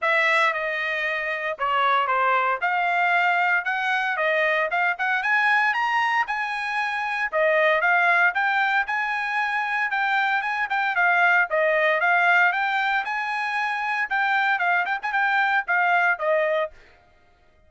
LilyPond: \new Staff \with { instrumentName = "trumpet" } { \time 4/4 \tempo 4 = 115 e''4 dis''2 cis''4 | c''4 f''2 fis''4 | dis''4 f''8 fis''8 gis''4 ais''4 | gis''2 dis''4 f''4 |
g''4 gis''2 g''4 | gis''8 g''8 f''4 dis''4 f''4 | g''4 gis''2 g''4 | f''8 g''16 gis''16 g''4 f''4 dis''4 | }